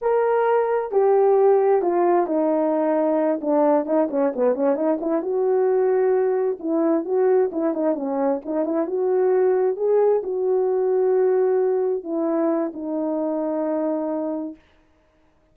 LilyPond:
\new Staff \with { instrumentName = "horn" } { \time 4/4 \tempo 4 = 132 ais'2 g'2 | f'4 dis'2~ dis'8 d'8~ | d'8 dis'8 cis'8 b8 cis'8 dis'8 e'8 fis'8~ | fis'2~ fis'8 e'4 fis'8~ |
fis'8 e'8 dis'8 cis'4 dis'8 e'8 fis'8~ | fis'4. gis'4 fis'4.~ | fis'2~ fis'8 e'4. | dis'1 | }